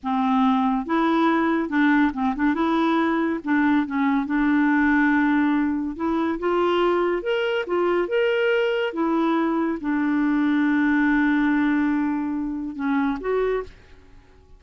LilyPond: \new Staff \with { instrumentName = "clarinet" } { \time 4/4 \tempo 4 = 141 c'2 e'2 | d'4 c'8 d'8 e'2 | d'4 cis'4 d'2~ | d'2 e'4 f'4~ |
f'4 ais'4 f'4 ais'4~ | ais'4 e'2 d'4~ | d'1~ | d'2 cis'4 fis'4 | }